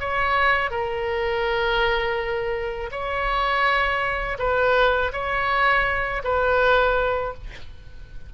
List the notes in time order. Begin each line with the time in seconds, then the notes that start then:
0.00 C#5
0.71 A#4
2.92 C#5
4.39 B4
5.13 C#5
6.24 B4